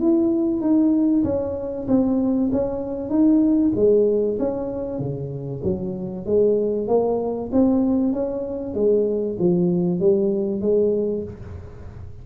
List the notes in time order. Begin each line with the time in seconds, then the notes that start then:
0.00 E4
0.61 D#4
1.24 C#4
1.88 C4
2.53 C#4
3.10 D#4
3.76 G#3
4.39 C#4
4.99 C#3
5.64 F#3
6.26 G#3
6.88 A#3
7.53 C4
8.13 C#4
8.74 G#3
9.39 F3
10.00 G3
10.61 G#3